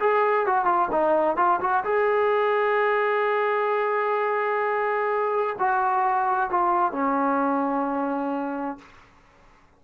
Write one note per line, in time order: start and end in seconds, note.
0.00 0.47 G#4
0.47 0.65 F#4
0.65 0.88 F4
0.92 1.37 D#4
1.37 1.60 F4
1.61 1.84 F#4
1.84 5.56 G#4
5.59 6.51 F#4
6.51 6.92 F4
6.92 8.78 C#4